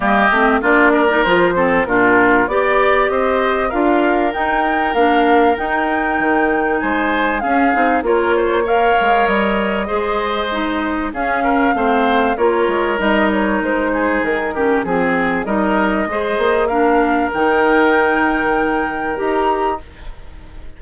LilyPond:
<<
  \new Staff \with { instrumentName = "flute" } { \time 4/4 \tempo 4 = 97 dis''4 d''4 c''4 ais'4 | d''4 dis''4 f''4 g''4 | f''4 g''2 gis''4 | f''4 cis''4 f''4 dis''4~ |
dis''2 f''2 | cis''4 dis''8 cis''8 c''4 ais'4 | gis'4 dis''2 f''4 | g''2. ais''4 | }
  \new Staff \with { instrumentName = "oboe" } { \time 4/4 g'4 f'8 ais'4 a'8 f'4 | d''4 c''4 ais'2~ | ais'2. c''4 | gis'4 ais'8 c''8 cis''2 |
c''2 gis'8 ais'8 c''4 | ais'2~ ais'8 gis'4 g'8 | gis'4 ais'4 c''4 ais'4~ | ais'1 | }
  \new Staff \with { instrumentName = "clarinet" } { \time 4/4 ais8 c'8 d'8. dis'16 f'8 c'8 d'4 | g'2 f'4 dis'4 | d'4 dis'2. | cis'8 dis'8 f'4 ais'2 |
gis'4 dis'4 cis'4 c'4 | f'4 dis'2~ dis'8 cis'8 | c'4 dis'4 gis'4 d'4 | dis'2. g'4 | }
  \new Staff \with { instrumentName = "bassoon" } { \time 4/4 g8 a8 ais4 f4 ais,4 | b4 c'4 d'4 dis'4 | ais4 dis'4 dis4 gis4 | cis'8 c'8 ais4. gis8 g4 |
gis2 cis'4 a4 | ais8 gis8 g4 gis4 dis4 | f4 g4 gis8 ais4. | dis2. dis'4 | }
>>